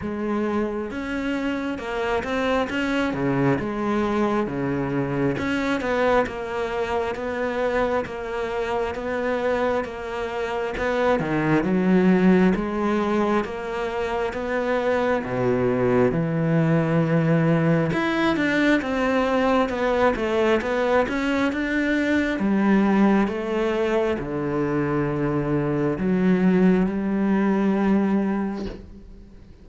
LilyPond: \new Staff \with { instrumentName = "cello" } { \time 4/4 \tempo 4 = 67 gis4 cis'4 ais8 c'8 cis'8 cis8 | gis4 cis4 cis'8 b8 ais4 | b4 ais4 b4 ais4 | b8 dis8 fis4 gis4 ais4 |
b4 b,4 e2 | e'8 d'8 c'4 b8 a8 b8 cis'8 | d'4 g4 a4 d4~ | d4 fis4 g2 | }